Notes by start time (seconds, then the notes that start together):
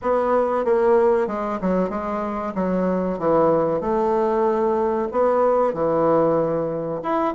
0.02 B3
0.64 A#3
1.27 G#3
1.61 F#3
1.89 G#3
2.54 F#3
3.18 E3
3.80 A3
5.11 B3
5.73 E3
7.02 E4